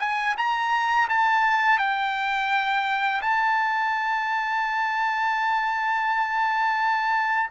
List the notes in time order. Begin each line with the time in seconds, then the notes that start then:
0.00 G#5
0.37 A#5
1.10 A5
1.79 G5
3.22 A5